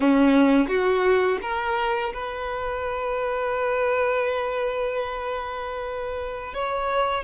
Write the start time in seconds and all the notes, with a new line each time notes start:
0.00 C#4
0.67 F#4
1.41 A#4
2.13 B4
6.54 C#5